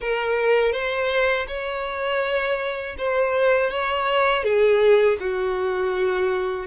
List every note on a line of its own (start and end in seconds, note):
0.00 0.72 A#4
0.72 1.46 C5
1.47 2.96 C#5
2.98 3.70 C5
3.70 4.43 C#5
4.43 5.17 G#4
5.20 6.67 F#4